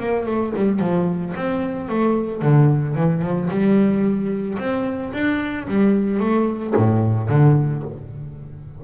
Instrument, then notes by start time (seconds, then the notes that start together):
double bass
0.00 A#3
0.26 A3
0.56 G3
0.80 F3
1.36 C4
1.89 A3
2.42 D3
2.96 E3
3.22 F3
3.51 G3
4.59 C4
5.13 D4
5.68 G3
6.20 A3
6.77 A2
7.29 D3